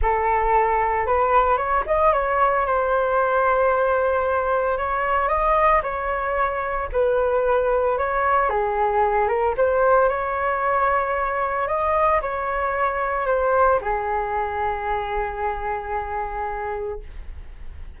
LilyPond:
\new Staff \with { instrumentName = "flute" } { \time 4/4 \tempo 4 = 113 a'2 b'4 cis''8 dis''8 | cis''4 c''2.~ | c''4 cis''4 dis''4 cis''4~ | cis''4 b'2 cis''4 |
gis'4. ais'8 c''4 cis''4~ | cis''2 dis''4 cis''4~ | cis''4 c''4 gis'2~ | gis'1 | }